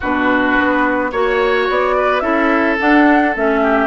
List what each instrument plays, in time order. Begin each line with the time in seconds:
0.00 bassoon B2, clarinet D4, oboe F#4, flute B4
0.58 bassoon B3
1.11 bassoon A#3, clarinet F#4, flute C#5, oboe C#5
1.69 bassoon B3, flute D5
1.97 oboe B4
2.20 bassoon C#4, clarinet E4, oboe A4, flute E5
2.79 clarinet D4, bassoon D4, flute F#5
3.36 bassoon A3, clarinet C#4, flute E5
3.62 oboe G4